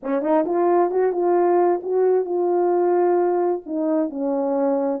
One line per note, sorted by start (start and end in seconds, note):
0.02 0.22 C#4
0.22 0.44 D#4
0.45 0.90 F4
0.90 1.12 F#4
1.12 1.80 F4
1.82 2.25 F#4
2.25 3.61 F4
3.65 4.09 D#4
4.09 5.00 C#4